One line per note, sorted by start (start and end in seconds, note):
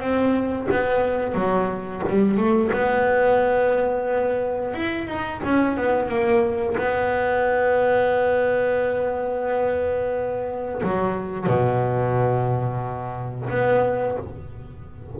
0.00 0.67 C4
0.71 1.35 B3
1.35 2.02 F#3
2.09 2.37 G3
2.37 2.71 A3
2.72 4.74 B3
4.74 5.07 E4
5.07 5.41 D#4
5.44 5.77 C#4
5.77 6.08 B3
6.08 6.76 A#3
6.78 10.82 B3
10.83 11.47 F#3
11.47 13.49 B2
13.50 14.17 B3